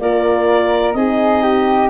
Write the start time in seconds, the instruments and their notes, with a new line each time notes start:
0.00 tuba A#3, horn F4, flute A#4, clarinet D5
0.94 tuba C4, horn D#4, flute G#4, clarinet D#5
1.44 flute G4